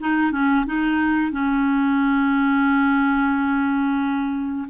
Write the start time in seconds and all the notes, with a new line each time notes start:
0.00 D#4
0.32 C#4
0.66 D#4
1.31 C#4